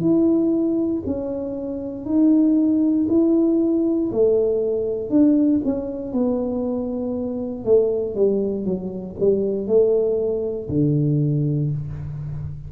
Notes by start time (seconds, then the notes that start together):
0.00 E4
1.06 C#4
2.05 D#4
3.08 E4
4.11 A3
5.09 D4
5.64 C#4
6.12 B3
7.65 A3
8.14 G3
8.65 F#3
9.19 G3
9.67 A3
10.69 D3